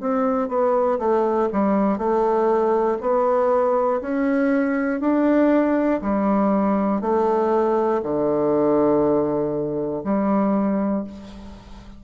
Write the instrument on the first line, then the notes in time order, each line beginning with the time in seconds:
bassoon
0.00 C4
0.48 B3
0.99 A3
1.52 G3
1.98 A3
3.00 B3
4.00 C#4
5.00 D4
6.01 G3
7.00 A3
8.03 D3
10.04 G3